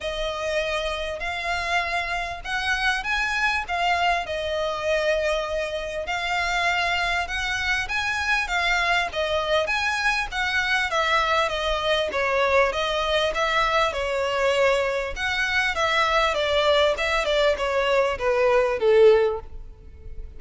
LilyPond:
\new Staff \with { instrumentName = "violin" } { \time 4/4 \tempo 4 = 99 dis''2 f''2 | fis''4 gis''4 f''4 dis''4~ | dis''2 f''2 | fis''4 gis''4 f''4 dis''4 |
gis''4 fis''4 e''4 dis''4 | cis''4 dis''4 e''4 cis''4~ | cis''4 fis''4 e''4 d''4 | e''8 d''8 cis''4 b'4 a'4 | }